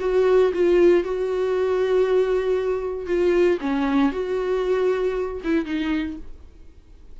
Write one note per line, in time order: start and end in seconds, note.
0.00 0.52 F#4
0.53 1.03 F4
1.03 3.06 F#4
3.06 3.58 F4
3.60 4.12 C#4
4.12 5.41 F#4
5.44 5.65 E4
5.65 6.17 D#4